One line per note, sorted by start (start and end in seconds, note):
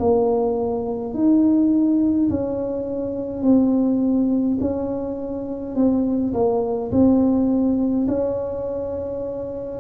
0.00 1.14 A#3
1.14 2.30 D#4
2.30 3.43 C#4
3.43 4.58 C4
4.61 5.76 C#4
5.76 6.34 C4
6.34 6.92 A#3
6.92 8.07 C4
8.08 9.81 C#4